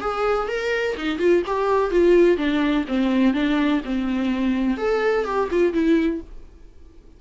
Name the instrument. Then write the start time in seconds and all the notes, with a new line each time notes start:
viola
0.00 G#4
0.48 A#4
0.96 D#4
1.18 F4
1.46 G4
1.91 F4
2.37 D4
2.88 C4
3.33 D4
3.85 C4
4.77 A4
5.25 G4
5.50 F4
5.73 E4